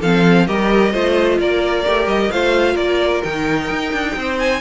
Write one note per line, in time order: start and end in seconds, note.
0.00 0.47 F3
0.00 0.47 C4
0.00 0.46 A4
0.00 0.46 F5
0.46 0.93 G3
0.46 0.92 G4
0.46 0.92 A#4
0.46 1.39 D#5
0.92 1.39 A3
0.92 1.85 F4
0.92 1.38 C5
1.39 1.85 A#3
1.39 2.32 A#4
1.39 2.08 D5
1.85 2.06 A3
1.85 2.31 G4
2.06 2.29 G3
2.06 2.31 D#5
2.31 2.75 A3
2.31 3.23 F4
2.31 2.73 C5
2.31 2.76 F5
2.73 3.21 A#3
2.73 4.12 A#4
2.73 3.22 D5
3.23 3.70 D#3
3.23 4.61 D#4
3.23 4.39 G5
3.70 3.92 D#4
3.92 4.15 D4
4.16 4.61 C4
4.16 4.61 C5
4.39 4.61 G#5